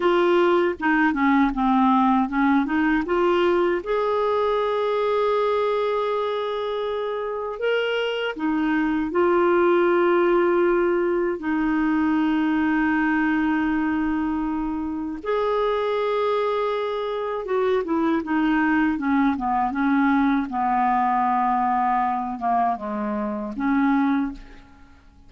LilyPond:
\new Staff \with { instrumentName = "clarinet" } { \time 4/4 \tempo 4 = 79 f'4 dis'8 cis'8 c'4 cis'8 dis'8 | f'4 gis'2.~ | gis'2 ais'4 dis'4 | f'2. dis'4~ |
dis'1 | gis'2. fis'8 e'8 | dis'4 cis'8 b8 cis'4 b4~ | b4. ais8 gis4 cis'4 | }